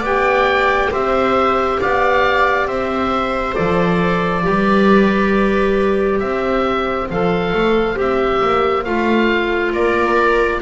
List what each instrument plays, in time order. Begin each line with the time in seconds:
0.00 double bass B3, clarinet G4, viola D5, oboe G5
0.91 double bass C4, viola C5, oboe E5
1.80 double bass B3, viola D5, oboe F5
2.67 double bass C4, viola C5, oboe E5
3.55 double bass F3, clarinet A4, oboe D5
4.43 double bass G3, clarinet G4, viola B4
6.20 double bass C4, viola C5, oboe E5
7.10 double bass F3, clarinet A4, oboe F5
7.53 double bass A3
7.96 double bass C4, clarinet G4, oboe E5
8.42 double bass A#3
8.85 double bass A3, clarinet F4, oboe F5
9.73 double bass A#3, viola A#4, oboe D5